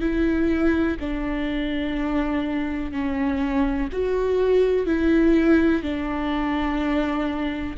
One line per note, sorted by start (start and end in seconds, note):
0.00 0.97 E4
1.00 2.92 D4
2.92 3.88 C#4
3.92 4.86 F#4
4.86 5.83 E4
5.83 7.76 D4